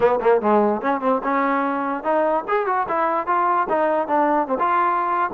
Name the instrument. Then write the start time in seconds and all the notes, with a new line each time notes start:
trombone
0.00 B3
0.21 A#3
0.41 G#3
0.81 C#4
1.01 C4
1.23 C#4
2.03 D#4
2.48 G#4
2.66 F#4
2.88 E4
3.26 F4
3.69 D#4
4.07 D4
4.47 C4
4.59 F4